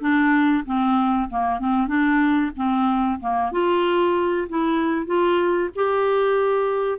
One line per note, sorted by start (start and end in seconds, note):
0.00 0.64 D4
0.65 1.29 C4
1.29 1.59 A#3
1.59 1.87 C4
1.87 2.51 D4
2.56 3.19 C4
3.20 3.52 A#3
3.52 4.47 F4
4.49 5.06 E4
5.06 5.70 F4
5.75 6.99 G4